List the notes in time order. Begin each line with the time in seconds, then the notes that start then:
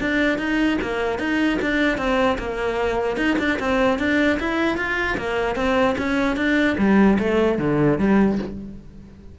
0.00 D4
0.38 D#4
0.81 A#3
1.19 D#4
1.61 D4
1.97 C4
2.38 A#3
3.16 D#4
3.38 D4
3.59 C4
3.99 D4
4.39 E4
4.77 F4
5.17 A#3
5.55 C4
5.98 C#4
6.36 D4
6.77 G3
7.19 A3
7.58 D3
7.98 G3